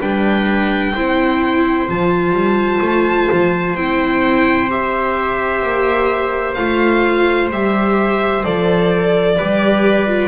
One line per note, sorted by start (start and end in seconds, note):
0.00 0.95 G3
0.00 0.95 D4
0.00 0.94 B4
0.00 1.89 G5
0.95 1.89 C4
0.95 1.88 E4
0.95 9.37 C5
1.88 2.32 F3
1.88 3.76 F4
1.88 3.76 A5
2.32 2.79 G3
2.81 3.28 A3
3.33 3.76 F3
3.76 5.63 C4
3.76 4.69 E4
3.76 4.70 G5
4.69 6.57 G4
4.69 6.54 E5
5.63 6.57 A#3
6.54 7.51 A3
6.54 7.51 F4
6.54 7.48 F5
7.51 8.45 G3
7.51 8.44 G4
7.51 8.45 E5
8.44 9.39 F3
8.44 9.38 A4
8.44 10.29 D5
9.37 10.29 G3
9.37 10.07 G4
9.37 10.29 B4
10.07 10.29 F4